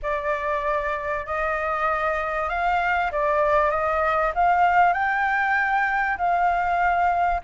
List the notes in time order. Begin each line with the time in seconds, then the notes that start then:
0.02 D5
1.26 D#5
2.49 F5
3.11 D5
3.70 D#5
4.35 F5
4.93 G5
6.17 F5